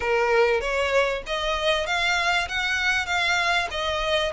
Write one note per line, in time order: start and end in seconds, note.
0.00 0.60 A#4
0.60 1.22 C#5
1.26 1.86 D#5
1.86 2.48 F5
2.48 3.06 F#5
3.06 3.68 F5
3.70 4.32 D#5